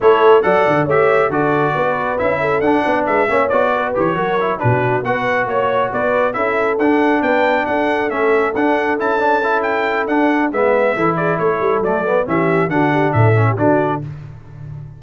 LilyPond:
<<
  \new Staff \with { instrumentName = "trumpet" } { \time 4/4 \tempo 4 = 137 cis''4 fis''4 e''4 d''4~ | d''4 e''4 fis''4 e''4 | d''4 cis''4. b'4 fis''8~ | fis''8 cis''4 d''4 e''4 fis''8~ |
fis''8 g''4 fis''4 e''4 fis''8~ | fis''8 a''4. g''4 fis''4 | e''4. d''8 cis''4 d''4 | e''4 fis''4 e''4 d''4 | }
  \new Staff \with { instrumentName = "horn" } { \time 4/4 a'4 d''4 cis''4 a'4 | b'4. a'4 d''8 b'8 cis''8~ | cis''8 b'4 ais'4 fis'4 b'8~ | b'8 cis''4 b'4 a'4.~ |
a'8 b'4 a'2~ a'8~ | a'1 | b'4 a'8 gis'8 a'2 | g'4 fis'8 g'8 a'8. g'16 fis'4 | }
  \new Staff \with { instrumentName = "trombone" } { \time 4/4 e'4 a'4 g'4 fis'4~ | fis'4 e'4 d'4. cis'8 | fis'4 g'8 fis'8 e'8 d'4 fis'8~ | fis'2~ fis'8 e'4 d'8~ |
d'2~ d'8 cis'4 d'8~ | d'8 e'8 d'8 e'4. d'4 | b4 e'2 a8 b8 | cis'4 d'4. cis'8 d'4 | }
  \new Staff \with { instrumentName = "tuba" } { \time 4/4 a4 fis8 d8 a4 d4 | b4 cis'4 d'8 b8 gis8 ais8 | b4 e8 fis4 b,4 b8~ | b8 ais4 b4 cis'4 d'8~ |
d'8 b4 d'4 a4 d'8~ | d'8 cis'2~ cis'8 d'4 | gis4 e4 a8 g8 fis4 | e4 d4 a,4 d4 | }
>>